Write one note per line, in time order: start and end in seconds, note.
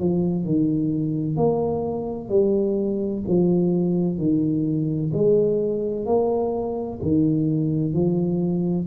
0.00 0.45 F3
0.45 1.37 D#3
1.37 2.29 A#3
2.29 3.23 G3
3.28 4.18 F3
4.18 5.11 D#3
5.13 6.06 G#3
6.06 6.99 A#3
7.02 7.93 D#3
7.93 8.87 F3